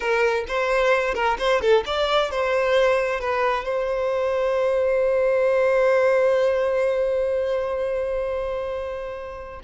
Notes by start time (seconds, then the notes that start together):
0.00 A#4
0.48 C5
1.14 A#4
1.38 C5
1.61 A4
1.85 D5
2.30 C5
3.20 B4
3.65 C5